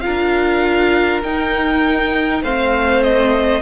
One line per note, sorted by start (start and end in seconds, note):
0.00 1.22 F4
0.00 2.42 A#4
0.00 1.20 F5
0.07 1.23 D4
1.23 2.43 D#4
1.23 2.44 D#4
1.23 2.43 G5
2.42 3.62 A3
2.42 3.62 C4
2.42 3.62 C5
2.42 3.03 F5
3.03 3.62 D#5